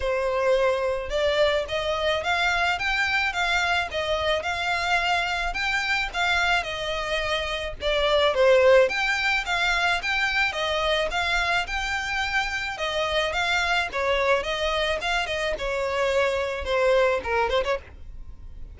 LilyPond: \new Staff \with { instrumentName = "violin" } { \time 4/4 \tempo 4 = 108 c''2 d''4 dis''4 | f''4 g''4 f''4 dis''4 | f''2 g''4 f''4 | dis''2 d''4 c''4 |
g''4 f''4 g''4 dis''4 | f''4 g''2 dis''4 | f''4 cis''4 dis''4 f''8 dis''8 | cis''2 c''4 ais'8 c''16 cis''16 | }